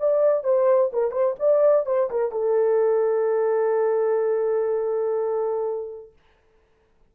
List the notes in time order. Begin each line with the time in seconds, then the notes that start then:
0.00 D5
0.44 C5
0.93 A#4
1.12 C5
1.40 D5
1.86 C5
2.11 A#4
2.32 A4